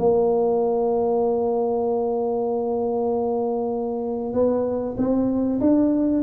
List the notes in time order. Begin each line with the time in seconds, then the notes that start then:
0.00 A#3
4.34 B3
4.98 C4
5.61 D4